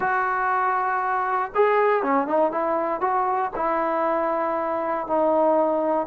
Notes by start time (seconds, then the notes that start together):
0.00 F#4
1.54 G#4
2.02 C#4
2.27 D#4
2.51 E4
3.00 F#4
3.55 E4
5.07 D#4